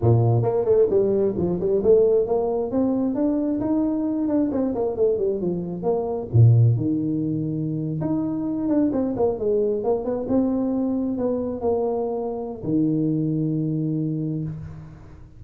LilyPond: \new Staff \with { instrumentName = "tuba" } { \time 4/4 \tempo 4 = 133 ais,4 ais8 a8 g4 f8 g8 | a4 ais4 c'4 d'4 | dis'4. d'8 c'8 ais8 a8 g8 | f4 ais4 ais,4 dis4~ |
dis4.~ dis16 dis'4. d'8 c'16~ | c'16 ais8 gis4 ais8 b8 c'4~ c'16~ | c'8. b4 ais2~ ais16 | dis1 | }